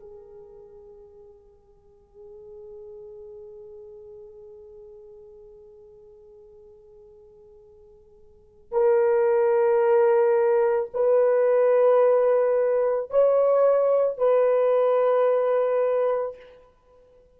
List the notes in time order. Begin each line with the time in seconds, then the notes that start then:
0.00 G#4
8.72 A#4
10.94 B4
13.10 C#5
14.18 B4